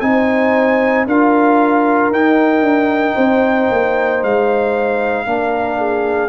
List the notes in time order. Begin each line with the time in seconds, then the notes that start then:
0.00 C4 D#4 C5 G#5
1.06 D4 F4 A#4 F5
2.11 D#4 G5
2.61 D4
3.15 C4 C5
3.71 A#3
4.23 G#3 F5
5.26 A#3 D4 A#4
5.78 G#4